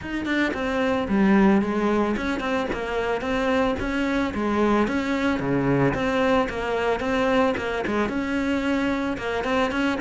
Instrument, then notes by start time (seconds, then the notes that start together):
cello
0.01 D#4
0.25 D4
0.53 C4
1.08 G3
1.61 G#3
2.16 C#4
2.39 C4
2.72 A#3
3.21 C4
3.79 C#4
4.34 G#3
4.87 C#4
5.39 C#3
5.93 C4
6.49 A#3
7.00 C4
7.57 A#3
7.86 G#3
8.09 C#4
9.17 A#3
9.43 C4
9.71 C#4